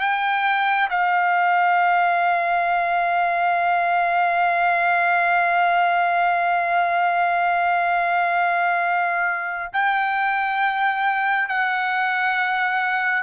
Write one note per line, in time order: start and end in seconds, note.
0.00 0.88 G5
0.89 9.72 F5
9.73 11.48 G5
11.48 13.23 F#5